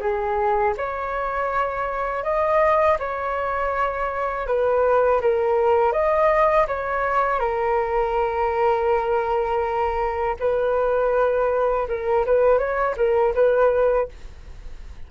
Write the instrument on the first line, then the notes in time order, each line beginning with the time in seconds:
flute
0.00 G#4
0.77 C#5
2.24 D#5
3.00 C#5
4.47 B4
5.22 A#4
5.93 D#5
6.68 C#5
7.40 A#4
10.40 B4
11.89 A#4
12.26 B4
12.59 C#5
12.97 A#4
13.35 B4